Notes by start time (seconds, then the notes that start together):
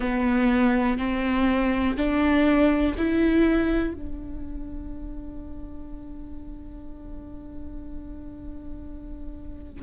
0.00 B3
0.98 C4
1.96 D4
2.97 E4
3.93 D4